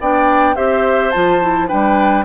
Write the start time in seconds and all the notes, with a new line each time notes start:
0.00 B3 D4 D5 G5
0.55 C4 G4 C5 E5
1.11 F3 F4 A5
1.41 E4
1.68 G3 D4 B4 G5